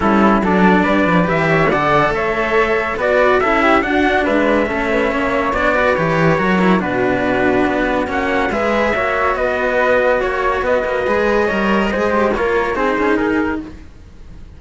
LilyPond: <<
  \new Staff \with { instrumentName = "trumpet" } { \time 4/4 \tempo 4 = 141 a'4 d''2 e''4 | fis''4 e''2 d''4 | e''4 fis''4 e''2~ | e''4 d''4 cis''2 |
b'2. fis''4 | e''2 dis''2 | cis''4 dis''2.~ | dis''4 cis''4 c''4 ais'4 | }
  \new Staff \with { instrumentName = "flute" } { \time 4/4 e'4 a'4 b'4. cis''8 | d''4 cis''2 b'4 | a'8 g'8 fis'4 b'4 a'8 b'8 | cis''4. b'4. ais'4 |
fis'1 | b'4 cis''4 b'2 | cis''4 b'2 cis''4 | c''4 ais'4 gis'2 | }
  \new Staff \with { instrumentName = "cello" } { \time 4/4 cis'4 d'2 g'4 | a'2. fis'4 | e'4 d'2 cis'4~ | cis'4 d'8 fis'8 g'4 fis'8 e'8 |
d'2. cis'4 | gis'4 fis'2.~ | fis'2 gis'4 ais'4 | gis'8 g'8 f'4 dis'2 | }
  \new Staff \with { instrumentName = "cello" } { \time 4/4 g4 fis4 g8 f8 e4 | d4 a2 b4 | cis'4 d'4 gis4 a4 | ais4 b4 e4 fis4 |
b,2 b4 ais4 | gis4 ais4 b2 | ais4 b8 ais8 gis4 g4 | gis4 ais4 c'8 cis'8 dis'4 | }
>>